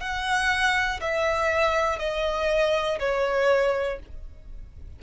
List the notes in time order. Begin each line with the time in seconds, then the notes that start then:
0.00 F#5
1.01 E5
1.99 D#5
2.99 C#5